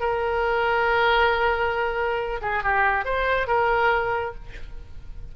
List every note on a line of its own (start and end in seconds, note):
0.00 2.41 A#4
2.41 2.63 G#4
2.63 3.05 G4
3.05 3.47 C5
3.47 4.35 A#4